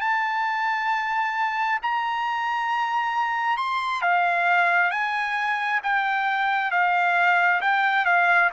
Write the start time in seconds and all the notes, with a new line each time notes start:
0.00 A5
1.82 A#5
3.57 C6
4.01 F5
4.91 G#5
5.82 G5
6.71 F5
7.61 G5
8.05 F5